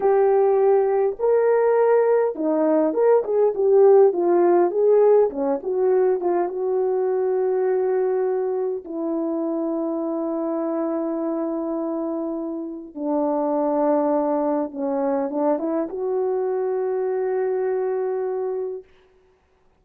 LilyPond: \new Staff \with { instrumentName = "horn" } { \time 4/4 \tempo 4 = 102 g'2 ais'2 | dis'4 ais'8 gis'8 g'4 f'4 | gis'4 cis'8 fis'4 f'8 fis'4~ | fis'2. e'4~ |
e'1~ | e'2 d'2~ | d'4 cis'4 d'8 e'8 fis'4~ | fis'1 | }